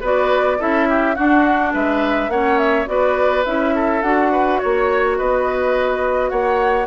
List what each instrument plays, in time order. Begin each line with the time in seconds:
0.00 bassoon B3, clarinet F#4, oboe B4, flute D5
0.58 bassoon C#4, clarinet E4, oboe A4, flute E5
0.89 oboe G4
1.15 clarinet D4, bassoon D4, oboe F#4, flute F#5
1.73 bassoon G#3, oboe B4, flute E5
2.28 bassoon A#3, clarinet C#4, oboe C#5, flute F#5
2.58 flute E5
2.86 bassoon B3, clarinet F#4, oboe B4, flute D5
3.45 bassoon C#4, clarinet E4, flute E5
3.75 oboe A4
4.02 bassoon D4, clarinet F#4, flute F#5
4.32 oboe B4
4.59 bassoon A#3, flute C#5, oboe C#5
5.17 bassoon B3, oboe B4, flute D#5
6.29 bassoon A#3, oboe C#5, flute F#5